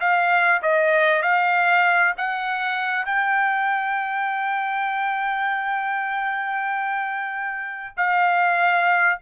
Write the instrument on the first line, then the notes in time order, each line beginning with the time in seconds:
trumpet
0.00 F5
0.62 D#5
1.22 F5
2.17 F#5
3.05 G5
7.97 F5